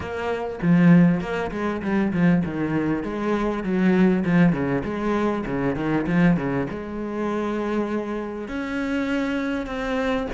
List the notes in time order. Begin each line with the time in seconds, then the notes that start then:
0.00 A#3
0.61 F3
1.20 A#3
1.51 G#3
1.82 G3
2.12 F3
2.44 D#3
3.03 G#3
3.63 F#3
4.24 F3
4.52 C#3
4.84 G#3
5.45 C#3
5.75 D#3
6.07 F3
6.36 C#3
6.70 G#3
8.47 C#4
9.66 C4